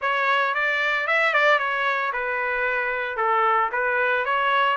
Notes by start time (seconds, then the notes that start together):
0.01 C#5
0.54 D5
1.07 E5
1.33 D5
1.59 C#5
2.12 B4
3.16 A4
3.72 B4
4.25 C#5